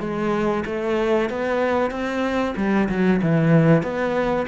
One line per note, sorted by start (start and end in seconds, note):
0.00 0.64 G#3
0.66 1.30 A3
1.30 1.91 B3
1.91 2.55 C4
2.56 2.88 G3
2.89 3.21 F#3
3.22 3.83 E3
3.83 4.47 B3